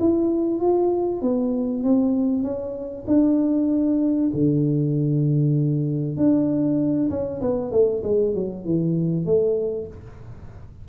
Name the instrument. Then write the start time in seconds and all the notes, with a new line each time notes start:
tuba
0.00 E4
0.60 F4
1.22 B3
1.83 C4
2.43 C#4
3.08 D4
4.34 D3
6.17 D4
7.10 C#4
7.41 B3
7.72 A3
8.04 G#3
8.34 F#3
8.65 E3
9.26 A3